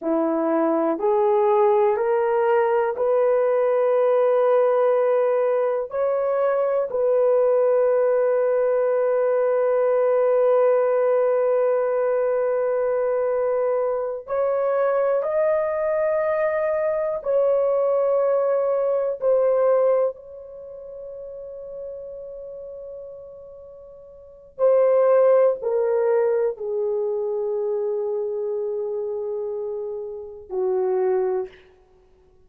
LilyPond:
\new Staff \with { instrumentName = "horn" } { \time 4/4 \tempo 4 = 61 e'4 gis'4 ais'4 b'4~ | b'2 cis''4 b'4~ | b'1~ | b'2~ b'8 cis''4 dis''8~ |
dis''4. cis''2 c''8~ | c''8 cis''2.~ cis''8~ | cis''4 c''4 ais'4 gis'4~ | gis'2. fis'4 | }